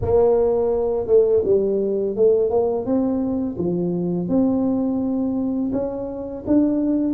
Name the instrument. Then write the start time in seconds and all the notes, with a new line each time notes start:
tuba
0.01 A#3
1.06 A3
1.44 G3
2.16 A3
2.50 A#3
2.85 C4
3.57 F3
4.28 C4
5.72 C#4
6.46 D4